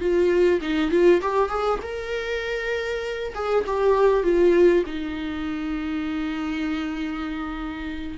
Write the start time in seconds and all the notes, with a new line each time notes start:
0.00 F4
0.61 D#4
0.91 F4
1.21 G4
1.49 G#4
1.82 A#4
3.35 G#4
3.67 G4
4.23 F4
4.87 D#4